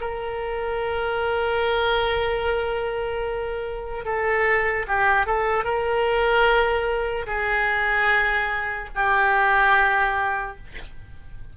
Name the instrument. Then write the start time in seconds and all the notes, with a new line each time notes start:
oboe
0.00 A#4
4.05 A4
4.87 G4
5.26 A4
5.64 A#4
7.26 G#4
8.94 G4